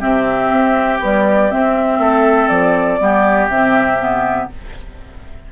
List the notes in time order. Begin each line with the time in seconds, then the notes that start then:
0.00 C3 C4 G4 E5
0.52 C4
1.00 G3 B3 D5
1.51 C4 E5
1.99 A3 A4
2.49 F3 D5
3.00 G3 B3 G4
3.49 C3 C4 E5
4.00 B3